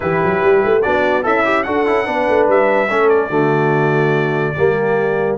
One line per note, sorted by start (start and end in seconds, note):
0.00 0.22 E3
0.00 0.81 E4
0.00 0.83 G4
0.00 0.82 B4
0.23 0.43 F#3
0.43 0.64 G3
0.64 0.85 A3
0.82 1.26 B3
0.82 1.22 D4
0.82 1.23 F#4
0.82 1.23 D5
1.22 1.67 C#4
1.22 1.65 E4
1.22 1.43 A4
1.22 1.63 E5
1.44 1.65 G4
1.63 1.86 D4
1.63 1.86 F#4
1.63 2.06 A4
1.63 2.46 F#5
1.86 2.07 C#4
1.86 2.05 E4
2.05 2.27 B3
2.05 2.88 D4
2.05 2.89 B4
2.28 2.48 A3
2.48 2.89 G3
2.48 3.09 E5
2.89 3.29 A3
2.89 3.30 C#4
2.89 3.29 A4
3.09 5.36 D5
3.29 4.54 D3
3.29 4.54 A3
3.29 4.53 F#4
4.56 5.37 G3
4.56 5.37 A#3
4.56 5.37 G4